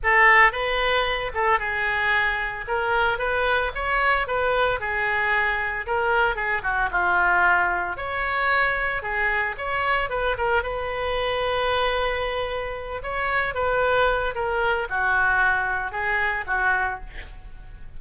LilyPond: \new Staff \with { instrumentName = "oboe" } { \time 4/4 \tempo 4 = 113 a'4 b'4. a'8 gis'4~ | gis'4 ais'4 b'4 cis''4 | b'4 gis'2 ais'4 | gis'8 fis'8 f'2 cis''4~ |
cis''4 gis'4 cis''4 b'8 ais'8 | b'1~ | b'8 cis''4 b'4. ais'4 | fis'2 gis'4 fis'4 | }